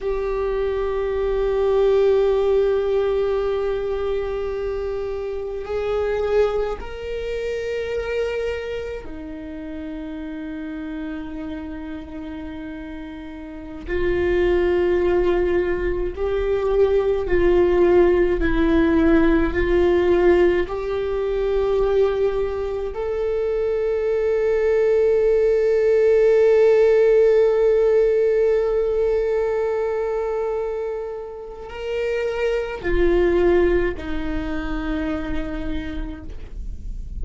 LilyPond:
\new Staff \with { instrumentName = "viola" } { \time 4/4 \tempo 4 = 53 g'1~ | g'4 gis'4 ais'2 | dis'1~ | dis'16 f'2 g'4 f'8.~ |
f'16 e'4 f'4 g'4.~ g'16~ | g'16 a'2.~ a'8.~ | a'1 | ais'4 f'4 dis'2 | }